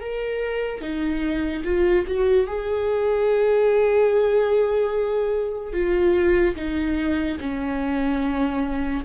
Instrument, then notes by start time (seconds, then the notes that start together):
viola
0.00 A#4
0.81 D#4
1.64 F4
2.07 F#4
2.47 G#4
5.73 F4
6.56 D#4
7.40 C#4